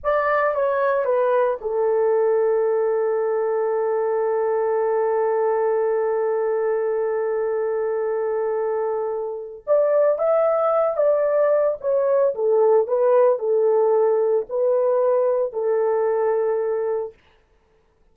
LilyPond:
\new Staff \with { instrumentName = "horn" } { \time 4/4 \tempo 4 = 112 d''4 cis''4 b'4 a'4~ | a'1~ | a'1~ | a'1~ |
a'2 d''4 e''4~ | e''8 d''4. cis''4 a'4 | b'4 a'2 b'4~ | b'4 a'2. | }